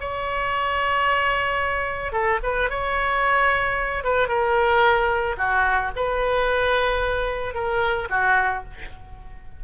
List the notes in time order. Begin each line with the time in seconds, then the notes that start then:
0.00 C#5
2.12 A4
2.43 B4
2.70 C#5
4.04 B4
4.28 A#4
5.37 F#4
5.96 B4
7.54 A#4
8.10 F#4